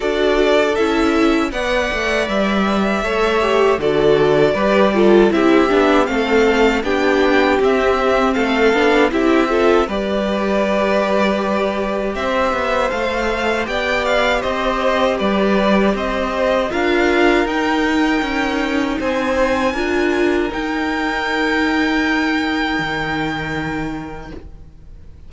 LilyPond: <<
  \new Staff \with { instrumentName = "violin" } { \time 4/4 \tempo 4 = 79 d''4 e''4 fis''4 e''4~ | e''4 d''2 e''4 | f''4 g''4 e''4 f''4 | e''4 d''2. |
e''4 f''4 g''8 f''8 dis''4 | d''4 dis''4 f''4 g''4~ | g''4 gis''2 g''4~ | g''1 | }
  \new Staff \with { instrumentName = "violin" } { \time 4/4 a'2 d''2 | cis''4 a'4 b'8 a'8 g'4 | a'4 g'2 a'4 | g'8 a'8 b'2. |
c''2 d''4 c''4 | b'4 c''4 ais'2~ | ais'4 c''4 ais'2~ | ais'1 | }
  \new Staff \with { instrumentName = "viola" } { \time 4/4 fis'4 e'4 b'2 | a'8 g'8 fis'4 g'8 f'8 e'8 d'8 | c'4 d'4 c'4. d'8 | e'8 f'8 g'2.~ |
g'4 a'4 g'2~ | g'2 f'4 dis'4~ | dis'2 f'4 dis'4~ | dis'1 | }
  \new Staff \with { instrumentName = "cello" } { \time 4/4 d'4 cis'4 b8 a8 g4 | a4 d4 g4 c'8 b8 | a4 b4 c'4 a8 b8 | c'4 g2. |
c'8 b8 a4 b4 c'4 | g4 c'4 d'4 dis'4 | cis'4 c'4 d'4 dis'4~ | dis'2 dis2 | }
>>